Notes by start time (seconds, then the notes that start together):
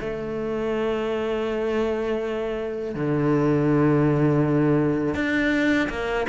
0.00 A3
2.94 D3
5.14 D4
5.89 A#3